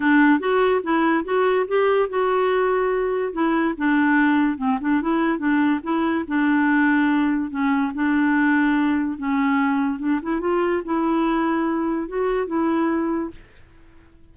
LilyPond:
\new Staff \with { instrumentName = "clarinet" } { \time 4/4 \tempo 4 = 144 d'4 fis'4 e'4 fis'4 | g'4 fis'2. | e'4 d'2 c'8 d'8 | e'4 d'4 e'4 d'4~ |
d'2 cis'4 d'4~ | d'2 cis'2 | d'8 e'8 f'4 e'2~ | e'4 fis'4 e'2 | }